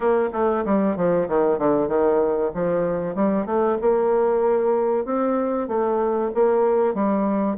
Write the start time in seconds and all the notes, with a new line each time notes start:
0.00 A#3
0.32 A3
0.65 G3
0.96 F3
1.28 D#3
1.58 D3
1.88 D#3
2.54 F3
3.15 G3
3.46 A3
3.81 A#3
5.05 C4
5.68 A3
6.34 A#3
6.94 G3